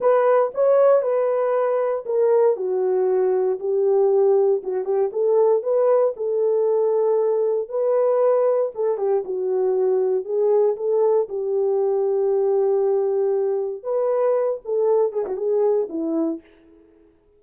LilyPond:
\new Staff \with { instrumentName = "horn" } { \time 4/4 \tempo 4 = 117 b'4 cis''4 b'2 | ais'4 fis'2 g'4~ | g'4 fis'8 g'8 a'4 b'4 | a'2. b'4~ |
b'4 a'8 g'8 fis'2 | gis'4 a'4 g'2~ | g'2. b'4~ | b'8 a'4 gis'16 fis'16 gis'4 e'4 | }